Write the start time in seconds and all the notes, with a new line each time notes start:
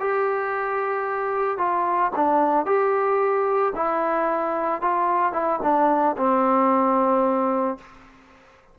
0.00 G4
1.58 F4
2.16 D4
2.66 G4
3.76 E4
4.82 F4
5.33 E4
5.63 D4
6.18 C4